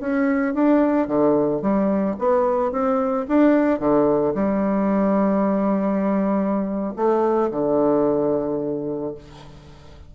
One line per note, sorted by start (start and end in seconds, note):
0.00 0.54 C#4
0.54 1.07 D4
1.07 1.61 D3
1.61 2.16 G3
2.18 2.72 B3
2.72 3.26 C4
3.28 3.79 D4
3.79 4.34 D3
4.35 6.94 G3
6.96 7.50 A3
7.51 9.14 D3